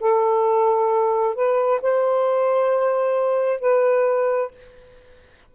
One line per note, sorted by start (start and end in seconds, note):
0.00 1.34 A4
1.34 1.80 B4
1.81 3.60 C5
3.60 4.50 B4